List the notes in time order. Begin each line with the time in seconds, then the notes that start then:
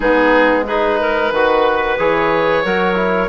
0.00 G#3 B3 D#4 G#4
0.66 D#4 G#4 B4
1.00 A#4
1.31 D#3 F#4 B4
1.98 E3 G#4 C#5
2.64 F#3 F#4 A#4
2.95 E4